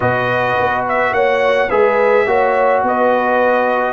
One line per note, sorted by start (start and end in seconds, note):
0.00 0.57 B2
0.00 1.68 F#4
0.00 1.13 B4
0.00 0.85 D#5
0.59 1.12 B3
0.88 1.13 E5
1.12 1.69 A#3
1.12 1.69 C#5
1.12 1.70 F#5
1.69 2.26 G#3
1.69 2.26 G#4
1.69 2.25 B4
1.69 2.83 E5
2.26 2.83 A#3
2.26 3.93 F#4
2.26 2.84 C#5
2.83 3.93 B3
2.83 3.93 B4
2.83 3.93 D#5